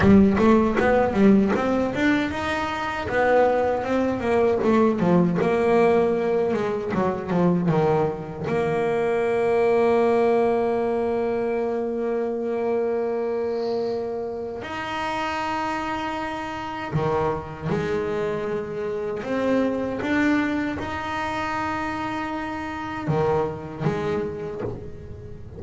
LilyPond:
\new Staff \with { instrumentName = "double bass" } { \time 4/4 \tempo 4 = 78 g8 a8 b8 g8 c'8 d'8 dis'4 | b4 c'8 ais8 a8 f8 ais4~ | ais8 gis8 fis8 f8 dis4 ais4~ | ais1~ |
ais2. dis'4~ | dis'2 dis4 gis4~ | gis4 c'4 d'4 dis'4~ | dis'2 dis4 gis4 | }